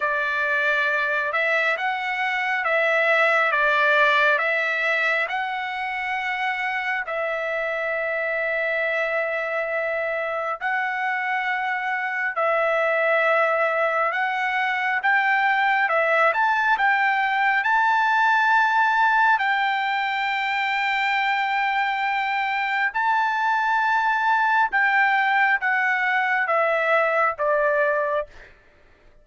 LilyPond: \new Staff \with { instrumentName = "trumpet" } { \time 4/4 \tempo 4 = 68 d''4. e''8 fis''4 e''4 | d''4 e''4 fis''2 | e''1 | fis''2 e''2 |
fis''4 g''4 e''8 a''8 g''4 | a''2 g''2~ | g''2 a''2 | g''4 fis''4 e''4 d''4 | }